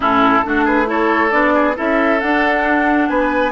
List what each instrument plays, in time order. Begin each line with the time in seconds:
0.00 bassoon A2, clarinet C#4, oboe E4, flute A4
0.43 bassoon A3, clarinet D4, oboe F#4
0.64 oboe G#4, flute B4
0.85 clarinet E4, oboe A4, flute C#5
1.30 bassoon B3, clarinet D4, flute D5
1.54 oboe G#4
1.75 bassoon C#4, clarinet E4, oboe A4, flute E5
2.20 bassoon D4, clarinet D4, flute F#5
3.08 bassoon B3, oboe B4, flute G#5